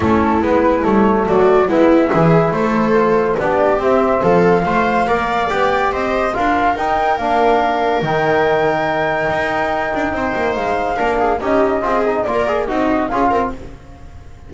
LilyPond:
<<
  \new Staff \with { instrumentName = "flute" } { \time 4/4 \tempo 4 = 142 a'4 b'4 cis''4 d''4 | e''2 c''2 | d''4 e''4 f''2~ | f''4 g''4 dis''4 f''4 |
g''4 f''2 g''4~ | g''1~ | g''4 f''2 dis''4~ | dis''4 d''4 dis''4 f''4 | }
  \new Staff \with { instrumentName = "viola" } { \time 4/4 e'2. fis'4 | e'4 gis'4 a'2 | g'2 a'4 c''4 | d''2 c''4 ais'4~ |
ais'1~ | ais'1 | c''2 ais'8 gis'8 g'4 | gis'4 ais'4 dis'4 gis'8 ais'8 | }
  \new Staff \with { instrumentName = "trombone" } { \time 4/4 cis'4 b4 a2 | b4 e'2 f'4 | d'4 c'2 f'4 | ais'4 g'2 f'4 |
dis'4 d'2 dis'4~ | dis'1~ | dis'2 d'4 dis'4 | f'8 dis'8 f'8 gis'8 fis'4 f'4 | }
  \new Staff \with { instrumentName = "double bass" } { \time 4/4 a4 gis4 g4 fis4 | gis4 e4 a2 | b4 c'4 f4 a4 | ais4 b4 c'4 d'4 |
dis'4 ais2 dis4~ | dis2 dis'4. d'8 | c'8 ais8 gis4 ais4 cis'4 | c'4 ais4 c'4 cis'8 c'8 | }
>>